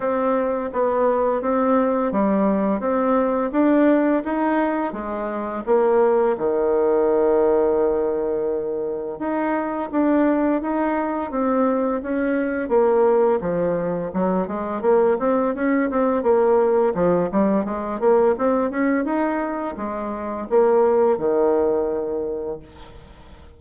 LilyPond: \new Staff \with { instrumentName = "bassoon" } { \time 4/4 \tempo 4 = 85 c'4 b4 c'4 g4 | c'4 d'4 dis'4 gis4 | ais4 dis2.~ | dis4 dis'4 d'4 dis'4 |
c'4 cis'4 ais4 f4 | fis8 gis8 ais8 c'8 cis'8 c'8 ais4 | f8 g8 gis8 ais8 c'8 cis'8 dis'4 | gis4 ais4 dis2 | }